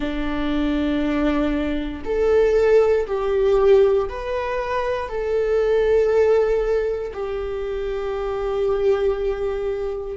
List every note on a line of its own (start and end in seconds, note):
0.00 2.02 D4
2.04 3.06 A4
3.06 4.08 G4
4.09 5.08 B4
5.08 7.12 A4
7.13 10.17 G4